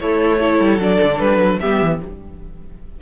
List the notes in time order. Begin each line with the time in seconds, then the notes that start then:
0.00 A3 E4 A4 C#5
0.39 E4 A4
0.60 G3
0.78 F#3 D4 D5
1.03 D3
1.20 G3 B4
1.38 F#3
1.60 G3 B3 G4 E5
1.81 E3